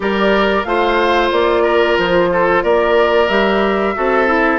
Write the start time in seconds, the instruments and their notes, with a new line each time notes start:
0.00 bassoon G3, clarinet G4, oboe A#4, flute D5
0.63 bassoon A3, clarinet F4, oboe C5, flute F5
1.31 bassoon A#3, flute D5
1.62 oboe A#4
1.98 bassoon F3, flute C5
2.32 oboe A4
2.63 bassoon A#3, oboe A#4, flute D5
3.28 bassoon G3, clarinet G4, flute E5
3.95 bassoon C4, clarinet F#4, oboe A4
4.26 clarinet E4